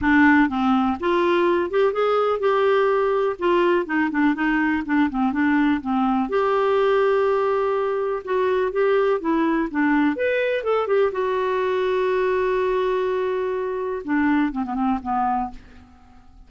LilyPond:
\new Staff \with { instrumentName = "clarinet" } { \time 4/4 \tempo 4 = 124 d'4 c'4 f'4. g'8 | gis'4 g'2 f'4 | dis'8 d'8 dis'4 d'8 c'8 d'4 | c'4 g'2.~ |
g'4 fis'4 g'4 e'4 | d'4 b'4 a'8 g'8 fis'4~ | fis'1~ | fis'4 d'4 c'16 b16 c'8 b4 | }